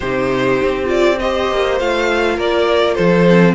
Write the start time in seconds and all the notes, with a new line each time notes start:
0.00 C3 D#4 G4 C5
0.62 C4
0.85 F4 D5
1.19 G4 C5 D#5
1.51 A#3
1.79 A3 F4 F5
2.36 A#3 A#4 D5
2.94 F3 A4 C5
3.28 C4